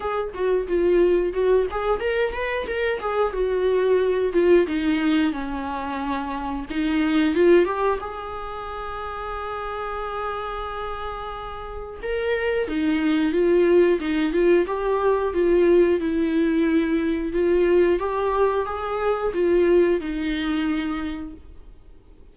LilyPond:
\new Staff \with { instrumentName = "viola" } { \time 4/4 \tempo 4 = 90 gis'8 fis'8 f'4 fis'8 gis'8 ais'8 b'8 | ais'8 gis'8 fis'4. f'8 dis'4 | cis'2 dis'4 f'8 g'8 | gis'1~ |
gis'2 ais'4 dis'4 | f'4 dis'8 f'8 g'4 f'4 | e'2 f'4 g'4 | gis'4 f'4 dis'2 | }